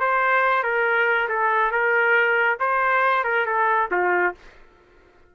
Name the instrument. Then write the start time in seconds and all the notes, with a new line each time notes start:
trumpet
0.00 C5
0.63 A#4
1.28 A4
1.71 A#4
2.60 C5
3.24 A#4
3.46 A4
3.91 F4